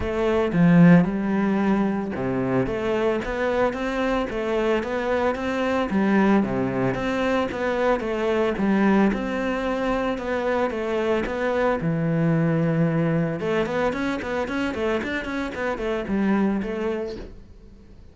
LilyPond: \new Staff \with { instrumentName = "cello" } { \time 4/4 \tempo 4 = 112 a4 f4 g2 | c4 a4 b4 c'4 | a4 b4 c'4 g4 | c4 c'4 b4 a4 |
g4 c'2 b4 | a4 b4 e2~ | e4 a8 b8 cis'8 b8 cis'8 a8 | d'8 cis'8 b8 a8 g4 a4 | }